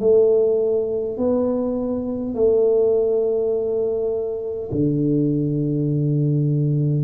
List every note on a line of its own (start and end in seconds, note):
0.00 1.18 A3
1.18 2.35 B3
2.35 4.71 A3
4.72 7.04 D3